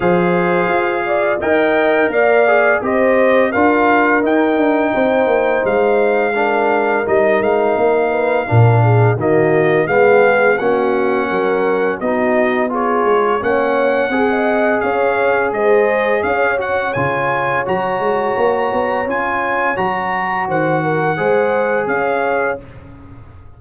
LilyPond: <<
  \new Staff \with { instrumentName = "trumpet" } { \time 4/4 \tempo 4 = 85 f''2 g''4 f''4 | dis''4 f''4 g''2 | f''2 dis''8 f''4.~ | f''4 dis''4 f''4 fis''4~ |
fis''4 dis''4 cis''4 fis''4~ | fis''4 f''4 dis''4 f''8 fis''8 | gis''4 ais''2 gis''4 | ais''4 fis''2 f''4 | }
  \new Staff \with { instrumentName = "horn" } { \time 4/4 c''4. d''8 dis''4 d''4 | c''4 ais'2 c''4~ | c''4 ais'2~ ais'8 b'8 | ais'8 gis'8 fis'4 gis'4 fis'4 |
ais'4 fis'4 gis'4 cis''4 | gis'16 dis''8. cis''4 c''4 cis''4~ | cis''1~ | cis''4 c''8 ais'8 c''4 cis''4 | }
  \new Staff \with { instrumentName = "trombone" } { \time 4/4 gis'2 ais'4. gis'8 | g'4 f'4 dis'2~ | dis'4 d'4 dis'2 | d'4 ais4 b4 cis'4~ |
cis'4 dis'4 f'4 cis'4 | gis'2.~ gis'8 fis'8 | f'4 fis'2 f'4 | fis'2 gis'2 | }
  \new Staff \with { instrumentName = "tuba" } { \time 4/4 f4 f'4 dis'4 ais4 | c'4 d'4 dis'8 d'8 c'8 ais8 | gis2 g8 gis8 ais4 | ais,4 dis4 gis4 ais4 |
fis4 b4. gis8 ais4 | c'4 cis'4 gis4 cis'4 | cis4 fis8 gis8 ais8 b8 cis'4 | fis4 dis4 gis4 cis'4 | }
>>